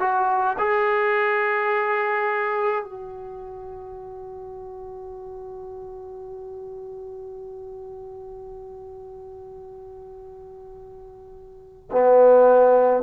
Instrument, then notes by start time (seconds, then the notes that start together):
trombone
0.00 F#4
0.58 G#4
2.84 F#4
11.91 B3